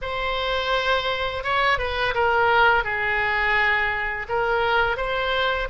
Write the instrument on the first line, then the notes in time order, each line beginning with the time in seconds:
oboe
0.01 C5
1.43 C#5
1.78 B4
2.14 A#4
2.84 G#4
4.28 A#4
4.96 C5